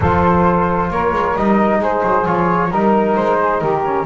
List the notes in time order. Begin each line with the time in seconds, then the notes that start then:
0.00 F3 F4 A4 C5
0.90 A#3 A#4 C#5
1.12 G#3
1.36 G3 D#4 D#5
1.79 G#3 G#4 C5
2.03 F#3
2.25 F3 F4 C#5
2.70 G3 D#4 A#4
3.16 G#3 C5
3.38 G#4
3.60 D#3 G4 A#4
3.84 C#4